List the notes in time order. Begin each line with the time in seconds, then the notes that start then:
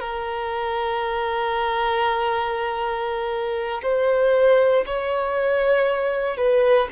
0.00 A#4
3.82 C5
4.86 C#5
6.37 B4